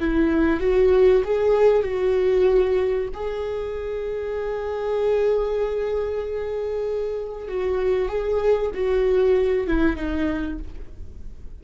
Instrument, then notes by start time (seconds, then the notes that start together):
viola
0.00 E4
0.61 F#4
1.24 G#4
1.83 F#4
3.14 G#4
7.49 F#4
8.09 G#4
8.74 F#4
9.67 E4
9.96 D#4